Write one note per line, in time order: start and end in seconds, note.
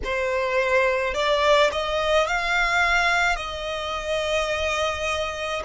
0.04 1.13 C5
1.13 1.70 D5
1.72 2.27 D#5
2.27 3.36 F5
3.36 5.62 D#5